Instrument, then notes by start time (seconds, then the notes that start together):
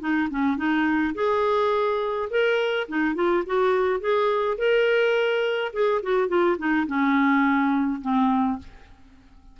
clarinet
0.00 D#4
0.30 C#4
0.57 D#4
1.15 G#4
2.30 A#4
2.88 D#4
3.15 F4
3.46 F#4
4.00 G#4
4.58 A#4
5.73 G#4
6.02 F#4
6.28 F4
6.58 D#4
6.87 C#4
8.01 C4